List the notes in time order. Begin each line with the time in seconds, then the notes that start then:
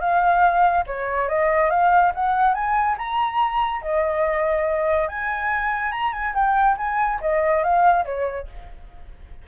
0.00 F5
0.87 C#5
1.28 D#5
1.70 F5
2.15 F#5
2.54 G#5
2.98 A#5
3.82 D#5
5.08 G#5
5.92 A#5
6.12 G#5
6.34 G5
6.77 G#5
7.21 D#5
7.63 F5
8.05 C#5